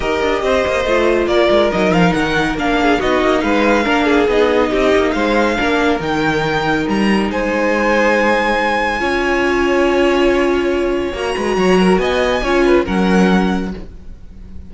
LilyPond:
<<
  \new Staff \with { instrumentName = "violin" } { \time 4/4 \tempo 4 = 140 dis''2. d''4 | dis''8 f''8 fis''4 f''4 dis''4 | f''2 dis''2 | f''2 g''2 |
ais''4 gis''2.~ | gis''1~ | gis''2 ais''2 | gis''2 fis''2 | }
  \new Staff \with { instrumentName = "violin" } { \time 4/4 ais'4 c''2 ais'4~ | ais'2~ ais'8 gis'8 fis'4 | b'4 ais'8 gis'4. g'4 | c''4 ais'2.~ |
ais'4 c''2.~ | c''4 cis''2.~ | cis''2~ cis''8 b'8 cis''8 ais'8 | dis''4 cis''8 b'8 ais'2 | }
  \new Staff \with { instrumentName = "viola" } { \time 4/4 g'2 f'2 | dis'2 d'4 dis'4~ | dis'4 d'4 dis'2~ | dis'4 d'4 dis'2~ |
dis'1~ | dis'4 f'2.~ | f'2 fis'2~ | fis'4 f'4 cis'2 | }
  \new Staff \with { instrumentName = "cello" } { \time 4/4 dis'8 d'8 c'8 ais8 a4 ais8 gis8 | fis8 f8 dis4 ais4 b8 ais8 | gis4 ais4 b4 c'8 ais8 | gis4 ais4 dis2 |
g4 gis2.~ | gis4 cis'2.~ | cis'2 ais8 gis8 fis4 | b4 cis'4 fis2 | }
>>